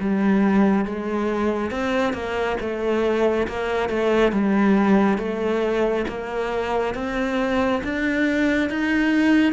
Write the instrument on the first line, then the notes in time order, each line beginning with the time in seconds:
cello
0.00 G3
0.85 G#3
1.71 C4
2.13 A#3
2.60 A3
3.47 A#3
3.89 A3
4.32 G3
5.18 A3
6.08 A#3
6.94 C4
7.83 D4
8.70 D#4